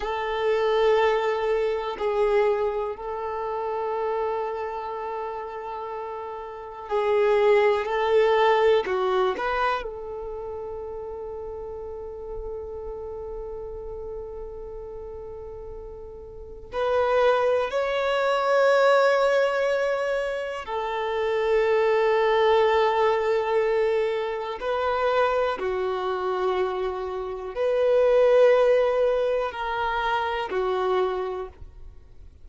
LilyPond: \new Staff \with { instrumentName = "violin" } { \time 4/4 \tempo 4 = 61 a'2 gis'4 a'4~ | a'2. gis'4 | a'4 fis'8 b'8 a'2~ | a'1~ |
a'4 b'4 cis''2~ | cis''4 a'2.~ | a'4 b'4 fis'2 | b'2 ais'4 fis'4 | }